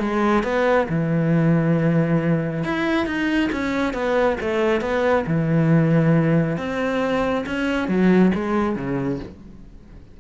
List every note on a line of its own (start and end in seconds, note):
0.00 0.44 G#3
0.44 0.87 B3
0.89 2.64 E3
2.64 3.06 E4
3.06 3.50 D#4
3.53 3.94 C#4
3.94 4.37 B3
4.41 4.81 A3
4.81 5.25 B3
5.27 6.58 E3
6.58 7.45 C4
7.46 7.88 C#4
7.88 8.32 F#3
8.35 8.76 G#3
8.76 9.20 C#3